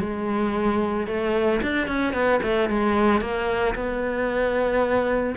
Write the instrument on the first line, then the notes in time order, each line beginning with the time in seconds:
cello
0.00 G#3
1.07 A3
1.62 D4
1.87 C#4
2.14 B3
2.43 A3
2.70 G#3
3.21 A#3
3.75 B3